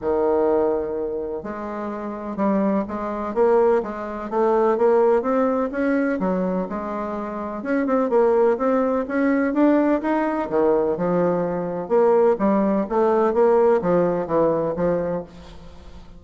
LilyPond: \new Staff \with { instrumentName = "bassoon" } { \time 4/4 \tempo 4 = 126 dis2. gis4~ | gis4 g4 gis4 ais4 | gis4 a4 ais4 c'4 | cis'4 fis4 gis2 |
cis'8 c'8 ais4 c'4 cis'4 | d'4 dis'4 dis4 f4~ | f4 ais4 g4 a4 | ais4 f4 e4 f4 | }